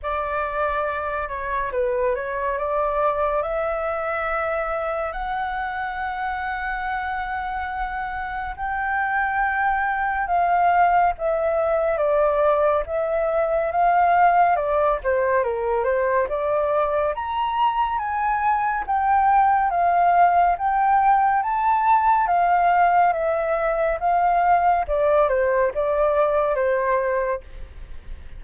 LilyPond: \new Staff \with { instrumentName = "flute" } { \time 4/4 \tempo 4 = 70 d''4. cis''8 b'8 cis''8 d''4 | e''2 fis''2~ | fis''2 g''2 | f''4 e''4 d''4 e''4 |
f''4 d''8 c''8 ais'8 c''8 d''4 | ais''4 gis''4 g''4 f''4 | g''4 a''4 f''4 e''4 | f''4 d''8 c''8 d''4 c''4 | }